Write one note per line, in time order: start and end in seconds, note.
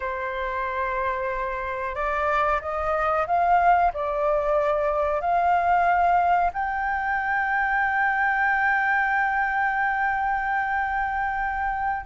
0.00 1.95 C5
1.95 2.60 D5
2.61 3.26 D#5
3.26 3.91 F5
3.93 5.20 D5
5.20 6.51 F5
6.53 12.05 G5